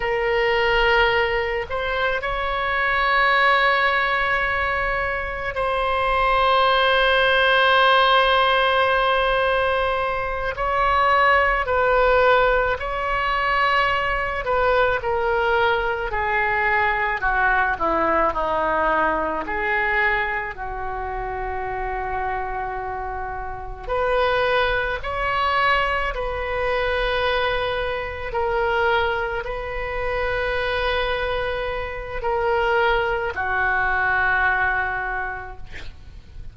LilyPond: \new Staff \with { instrumentName = "oboe" } { \time 4/4 \tempo 4 = 54 ais'4. c''8 cis''2~ | cis''4 c''2.~ | c''4. cis''4 b'4 cis''8~ | cis''4 b'8 ais'4 gis'4 fis'8 |
e'8 dis'4 gis'4 fis'4.~ | fis'4. b'4 cis''4 b'8~ | b'4. ais'4 b'4.~ | b'4 ais'4 fis'2 | }